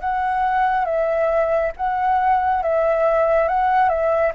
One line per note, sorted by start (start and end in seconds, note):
0.00 0.85 F#5
0.85 1.72 E5
1.76 2.62 F#5
2.62 3.48 E5
3.48 3.89 F#5
3.89 4.32 E5